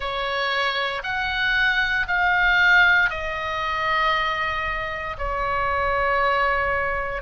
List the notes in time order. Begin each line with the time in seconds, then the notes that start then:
0.00 C#5
1.03 F#5
2.07 F5
3.10 D#5
5.18 C#5